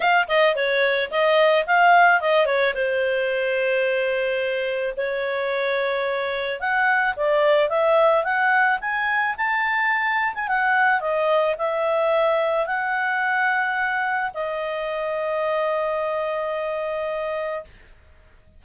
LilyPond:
\new Staff \with { instrumentName = "clarinet" } { \time 4/4 \tempo 4 = 109 f''8 dis''8 cis''4 dis''4 f''4 | dis''8 cis''8 c''2.~ | c''4 cis''2. | fis''4 d''4 e''4 fis''4 |
gis''4 a''4.~ a''16 gis''16 fis''4 | dis''4 e''2 fis''4~ | fis''2 dis''2~ | dis''1 | }